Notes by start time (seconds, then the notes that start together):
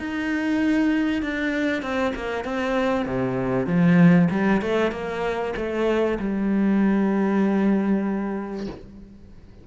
0.00 D#4
1.23 D4
1.83 C4
2.16 A#3
2.45 C4
3.06 C3
3.67 F3
4.31 G3
4.62 A3
4.92 A#3
5.57 A3
6.20 G3